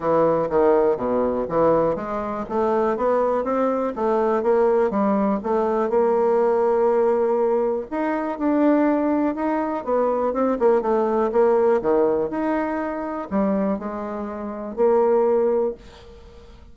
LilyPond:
\new Staff \with { instrumentName = "bassoon" } { \time 4/4 \tempo 4 = 122 e4 dis4 b,4 e4 | gis4 a4 b4 c'4 | a4 ais4 g4 a4 | ais1 |
dis'4 d'2 dis'4 | b4 c'8 ais8 a4 ais4 | dis4 dis'2 g4 | gis2 ais2 | }